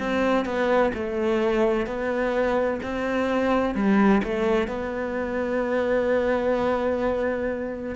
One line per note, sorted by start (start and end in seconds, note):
0.00 0.46 C4
0.46 0.92 B3
0.94 1.87 A3
1.87 2.80 B3
2.83 3.75 C4
3.75 4.22 G3
4.24 4.68 A3
4.68 7.96 B3